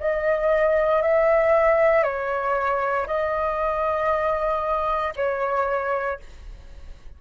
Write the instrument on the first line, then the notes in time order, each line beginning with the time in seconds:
flute
0.00 D#5
1.02 E5
2.03 C#5
3.07 D#5
5.16 C#5